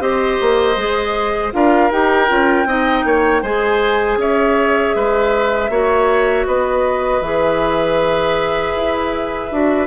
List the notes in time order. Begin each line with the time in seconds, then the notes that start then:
0.00 C4 G4 C5 D#5
0.41 A#3
0.77 G#3 G#4
1.52 D4 F4 A#4 F5
1.91 D#4 G4 G5
2.28 C#4 F4
2.66 C4 D#4 D#5
3.05 A#3 C#5
3.42 G#3 G#4 C5 G#5
4.17 C#4 C#5 E5
4.96 G#3 B4
5.70 A#3 F#4 C#5
6.47 B3 B4 D#5
7.21 E3 G#4 E5
8.76 E4
9.52 D4 F#4